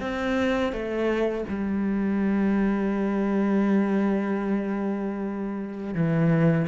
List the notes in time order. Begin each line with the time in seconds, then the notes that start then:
0.00 C4
0.72 A3
1.49 G3
5.94 E3